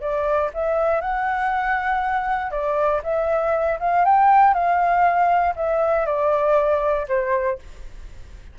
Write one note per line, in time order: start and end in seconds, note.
0.00 0.50 D5
0.54 1.01 E5
1.01 2.51 F#5
2.51 3.01 D5
3.03 3.79 E5
3.80 4.05 F5
4.05 4.54 G5
4.54 5.54 F5
5.56 6.06 E5
6.06 7.07 D5
7.08 7.59 C5